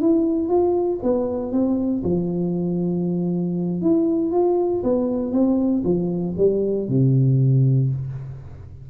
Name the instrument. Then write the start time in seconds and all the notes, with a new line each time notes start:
tuba
0.00 E4
0.49 F4
1.02 B3
1.52 C4
2.03 F3
3.81 E4
4.31 F4
4.83 B3
5.32 C4
5.84 F3
6.37 G3
6.88 C3